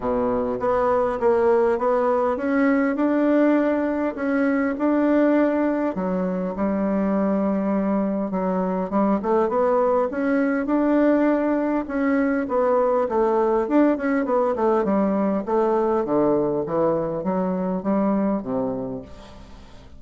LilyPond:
\new Staff \with { instrumentName = "bassoon" } { \time 4/4 \tempo 4 = 101 b,4 b4 ais4 b4 | cis'4 d'2 cis'4 | d'2 fis4 g4~ | g2 fis4 g8 a8 |
b4 cis'4 d'2 | cis'4 b4 a4 d'8 cis'8 | b8 a8 g4 a4 d4 | e4 fis4 g4 c4 | }